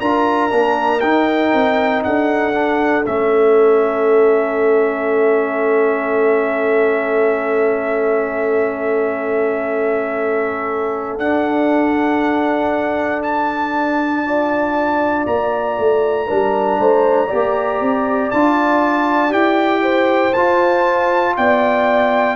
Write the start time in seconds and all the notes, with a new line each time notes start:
0.00 D4 F4 A#4 A#5
0.50 A#3 D4
1.00 D#4 G5
1.53 C4
2.03 D4 A4 F#5
2.53 D4
3.06 A3 C#4 E5
11.18 D4 F#5
13.23 A5
14.24 F4 D5
15.26 A#3 A#5
15.78 A3
16.26 G3 D4 A#4
16.79 A3 C5
17.26 G4 D5
17.33 A#3
17.81 C4
18.31 D4 F4 A5
19.29 E4 G4 G5
19.82 C5
20.33 F4 A5
21.37 B3 D5 G5